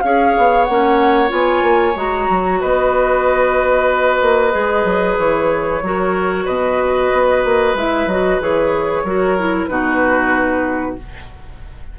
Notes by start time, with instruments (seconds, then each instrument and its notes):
0.00 bassoon C#4, clarinet G#4, oboe C#5, flute F5
0.37 bassoon B3
0.64 bassoon A#3, clarinet C#4, flute F#5
1.28 bassoon B3, clarinet F4, flute G#5
1.62 bassoon A#3
1.95 bassoon G#3, clarinet F#4, flute A#5
2.29 bassoon F#3
2.59 bassoon B3, oboe B4, flute D#5
4.21 bassoon A#3
4.51 bassoon G#3, clarinet G#4
4.84 bassoon F#3
5.17 bassoon E3, flute C#5
5.82 bassoon F#3, clarinet F#4, oboe A#4
6.44 bassoon B2, oboe B4, flute D#5
7.12 bassoon B3
7.44 bassoon A#3
7.74 bassoon G#3, clarinet E4, flute E5
8.06 bassoon F#3, clarinet F#4, flute D#5
8.40 bassoon E3, clarinet G#4, flute C#5
9.03 bassoon F#3, clarinet F#4, oboe A#4
9.38 clarinet E4
9.66 bassoon B2, clarinet D#4, oboe F#4, flute B4